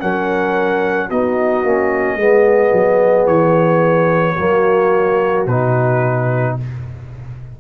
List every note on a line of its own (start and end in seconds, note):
0.00 1.10 F#3
0.00 1.09 C#4
0.00 1.08 A#4
0.00 1.10 F#5
1.08 1.64 B3
1.08 1.65 D#4
1.08 2.17 F#4
1.08 3.27 D#5
1.64 2.16 A#3
1.64 2.18 C#4
2.16 2.71 G#3
2.16 4.36 B3
2.16 4.35 G#4
2.72 3.27 F#3
3.27 4.36 E3
3.27 5.45 C#5
4.35 5.47 F#3
4.35 5.47 A#3
4.35 6.53 F#4
5.47 6.56 B2
5.47 6.60 D#4
5.47 6.57 B4